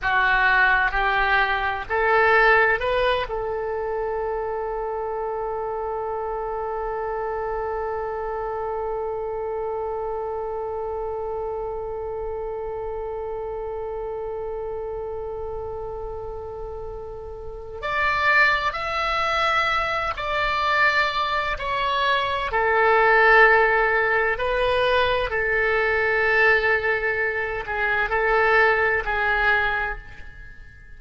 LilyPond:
\new Staff \with { instrumentName = "oboe" } { \time 4/4 \tempo 4 = 64 fis'4 g'4 a'4 b'8 a'8~ | a'1~ | a'1~ | a'1~ |
a'2. d''4 | e''4. d''4. cis''4 | a'2 b'4 a'4~ | a'4. gis'8 a'4 gis'4 | }